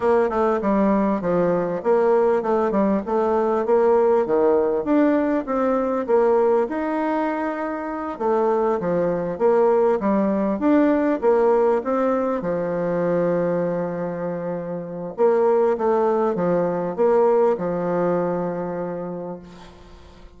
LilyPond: \new Staff \with { instrumentName = "bassoon" } { \time 4/4 \tempo 4 = 99 ais8 a8 g4 f4 ais4 | a8 g8 a4 ais4 dis4 | d'4 c'4 ais4 dis'4~ | dis'4. a4 f4 ais8~ |
ais8 g4 d'4 ais4 c'8~ | c'8 f2.~ f8~ | f4 ais4 a4 f4 | ais4 f2. | }